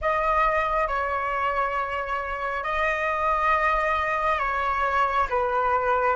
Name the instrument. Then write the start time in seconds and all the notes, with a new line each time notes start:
flute
0.01 D#5
0.87 C#5
2.63 D#5
4.38 C#5
5.29 B4